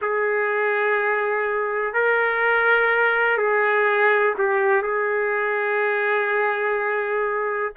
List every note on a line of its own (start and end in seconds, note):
0.01 1.94 G#4
1.94 3.37 A#4
3.37 4.34 G#4
4.38 4.82 G4
4.82 7.72 G#4